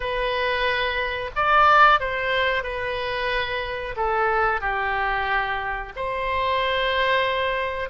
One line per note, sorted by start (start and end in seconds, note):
0.00 1.30 B4
1.35 1.99 D5
1.99 2.63 C5
2.63 3.95 B4
3.96 4.60 A4
4.60 5.92 G4
5.96 7.89 C5